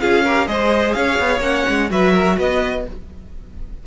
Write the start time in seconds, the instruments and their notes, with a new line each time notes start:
0.00 cello C#4, viola F4, violin G#4 F5
0.24 viola G4, violin A#4
0.47 cello G#3, viola G#4, violin C5 D#5
0.93 cello C#4, violin C#5 F5
1.19 cello B3
1.40 cello A#3, viola C#4, violin F#5
1.69 cello G#3
1.89 cello F#3, viola F#4, violin B4 E5
2.13 violin A#4
2.37 cello B3, violin B4 D#5